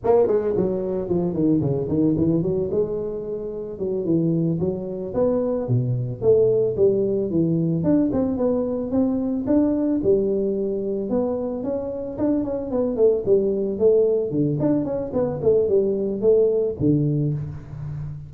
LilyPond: \new Staff \with { instrumentName = "tuba" } { \time 4/4 \tempo 4 = 111 ais8 gis8 fis4 f8 dis8 cis8 dis8 | e8 fis8 gis2 fis8 e8~ | e8 fis4 b4 b,4 a8~ | a8 g4 e4 d'8 c'8 b8~ |
b8 c'4 d'4 g4.~ | g8 b4 cis'4 d'8 cis'8 b8 | a8 g4 a4 d8 d'8 cis'8 | b8 a8 g4 a4 d4 | }